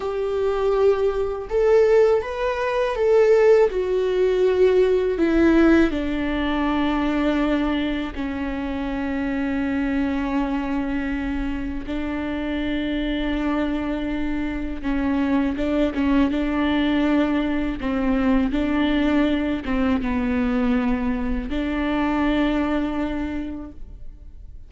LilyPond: \new Staff \with { instrumentName = "viola" } { \time 4/4 \tempo 4 = 81 g'2 a'4 b'4 | a'4 fis'2 e'4 | d'2. cis'4~ | cis'1 |
d'1 | cis'4 d'8 cis'8 d'2 | c'4 d'4. c'8 b4~ | b4 d'2. | }